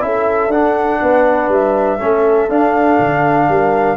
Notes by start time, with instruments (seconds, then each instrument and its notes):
0.00 tuba C#4, trombone E4, horn A4, flute E5
0.48 tuba D4, trombone D4, flute F#5
1.01 tuba B3, horn B4
1.49 tuba G3, flute E5
1.99 tuba A3, trombone C#4, horn A4
2.49 tuba D4, trombone D4, flute F5
2.99 tuba D3
3.49 tuba G3, horn A#4